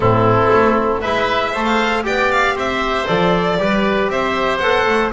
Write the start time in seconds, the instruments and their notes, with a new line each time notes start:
0.00 double bass A2, trombone C4, oboe E4, violin A4
0.52 double bass A3
1.00 double bass G#3, trombone E4, oboe B4, violin E5
1.51 double bass A3, trombone A4, oboe C5
1.64 violin F5
2.03 double bass B3, trombone G4, oboe D5, violin G5
2.31 violin F5
2.53 double bass C4, oboe C5, violin E5
3.06 double bass F3, trombone A4, violin D5
3.57 double bass G3, trombone G4, oboe B4
4.07 double bass C4, oboe C5, violin E5
4.58 double bass B3, trombone A4, violin F#5
4.86 double bass A3